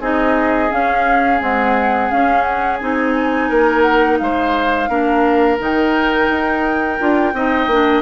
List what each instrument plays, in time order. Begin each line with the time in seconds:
0.00 bassoon C4, clarinet D#4, oboe G#4, flute D#5
0.70 clarinet C#4, bassoon C#4, flute F5
1.40 clarinet G#3, bassoon C4, flute F#5
2.10 clarinet C#4, bassoon C#4, flute F5
2.42 flute F#5
2.78 bassoon C4, clarinet D#4, flute G#5
3.49 bassoon A#3, oboe A#4
3.82 flute F#5
4.18 bassoon G#3, oboe C5, flute F5
4.89 bassoon A#3, clarinet D4, oboe A#4
5.59 bassoon D#3, clarinet D#4, flute G5
6.29 bassoon D#4
6.99 bassoon D4, clarinet F4
7.33 bassoon C4, clarinet D#4, oboe D#5
7.67 bassoon A#3, clarinet D4